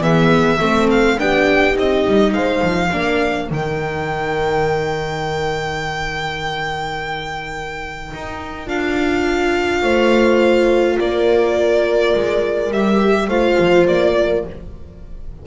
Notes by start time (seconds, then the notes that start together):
0.00 E3 B3 G#4 E5
0.59 A3 C4 A4
0.90 F5
1.19 B3 D4 G4 G5
1.73 C4 D#4 D#5
2.06 G3
2.33 G#3 C5 F5
2.62 F3
2.89 A#3 D4 A#4
3.48 D#3 D#4 G5
8.14 D#4
8.66 D4 F4 F5
9.82 A3 C5
10.98 A#3 A#4 D5
12.15 G#3
12.71 G3 G4 E5
13.28 A3 F4 C5 F5
13.59 F3
13.87 A#3 D5
14.18 A#4